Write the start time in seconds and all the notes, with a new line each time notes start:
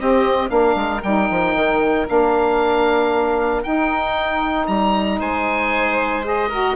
0.00 C4 G4 D#5
0.48 A#3 D4 A#4 F5
0.76 G#3
1.03 G3 D#4 G5
1.31 F3
1.55 D#3
2.07 A#3 D4 F5
3.63 D#4 G5
4.67 G3 A#5
5.20 G#3 C5 G#5
6.24 G#4 D#5
6.49 F#4 A#4